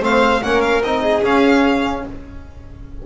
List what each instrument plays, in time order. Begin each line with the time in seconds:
0.00 double bass A3, trombone C4, violin C5 F5
0.42 double bass A#3, trombone C#4, violin A#4 F#5
0.61 violin F5
0.81 double bass C4, trombone D#4, violin D#5
1.01 violin G#4
1.22 trombone C#4, double bass C#4, violin F5